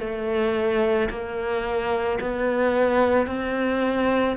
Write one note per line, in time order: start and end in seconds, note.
0.00 1.09 A3
1.10 2.19 A#3
2.21 3.27 B3
3.27 4.36 C4